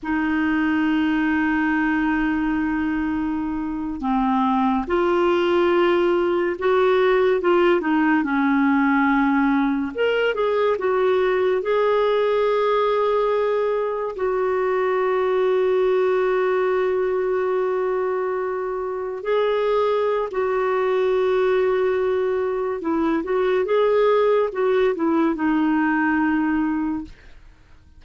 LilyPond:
\new Staff \with { instrumentName = "clarinet" } { \time 4/4 \tempo 4 = 71 dis'1~ | dis'8. c'4 f'2 fis'16~ | fis'8. f'8 dis'8 cis'2 ais'16~ | ais'16 gis'8 fis'4 gis'2~ gis'16~ |
gis'8. fis'2.~ fis'16~ | fis'2~ fis'8. gis'4~ gis'16 | fis'2. e'8 fis'8 | gis'4 fis'8 e'8 dis'2 | }